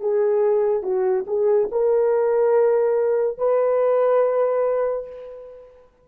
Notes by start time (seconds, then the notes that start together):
0.00 G#4
0.83 F#4
1.27 G#4
1.71 A#4
3.38 B4